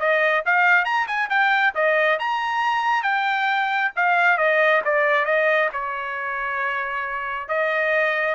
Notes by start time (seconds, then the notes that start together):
0.00 D#5
0.46 F5
0.85 A#5
1.07 G#5
1.30 G5
1.75 D#5
2.19 A#5
3.03 G5
3.96 F5
4.38 D#5
4.85 D5
5.25 D#5
5.73 C#5
7.48 D#5